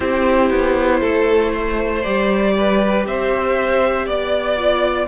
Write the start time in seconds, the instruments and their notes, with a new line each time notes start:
0.00 cello C4, viola E4, violin G4 C5
0.50 cello B3
1.00 cello A3, violin A4
1.52 violin C5
2.02 cello G3, viola G4, violin D5
2.57 violin B4
3.06 cello C4, violin C5 E5
4.06 cello B3, violin D5
4.56 viola F4